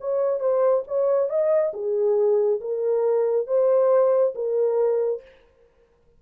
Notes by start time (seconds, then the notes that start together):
0.00 C#5
0.40 C5
0.87 C#5
1.29 D#5
1.73 G#4
2.60 A#4
3.47 C5
4.35 A#4